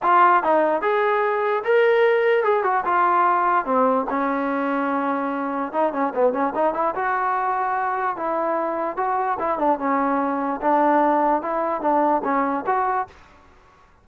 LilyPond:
\new Staff \with { instrumentName = "trombone" } { \time 4/4 \tempo 4 = 147 f'4 dis'4 gis'2 | ais'2 gis'8 fis'8 f'4~ | f'4 c'4 cis'2~ | cis'2 dis'8 cis'8 b8 cis'8 |
dis'8 e'8 fis'2. | e'2 fis'4 e'8 d'8 | cis'2 d'2 | e'4 d'4 cis'4 fis'4 | }